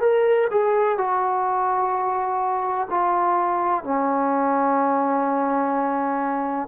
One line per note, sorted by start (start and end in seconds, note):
0.00 0.48 A#4
0.50 0.97 G#4
0.97 2.88 F#4
2.90 3.84 F4
3.84 6.68 C#4